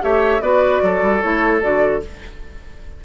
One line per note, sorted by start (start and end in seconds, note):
0.00 0.41 A3
0.00 0.40 G4
0.00 0.42 C#5
0.00 0.42 E5
0.41 0.81 B3
0.41 1.21 F#4
0.41 0.82 B4
0.41 1.21 D5
0.82 1.02 F#3
0.82 2.04 A4
1.02 1.22 G3
1.21 1.63 A3
1.21 1.60 E4
1.21 1.61 C#5
1.60 2.03 D3
1.60 2.00 F#4
1.60 2.02 D5